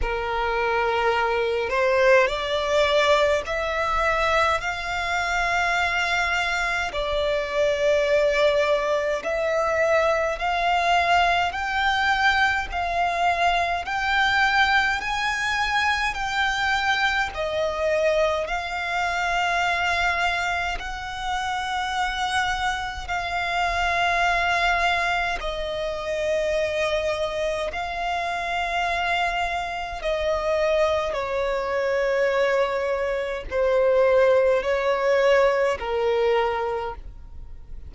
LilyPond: \new Staff \with { instrumentName = "violin" } { \time 4/4 \tempo 4 = 52 ais'4. c''8 d''4 e''4 | f''2 d''2 | e''4 f''4 g''4 f''4 | g''4 gis''4 g''4 dis''4 |
f''2 fis''2 | f''2 dis''2 | f''2 dis''4 cis''4~ | cis''4 c''4 cis''4 ais'4 | }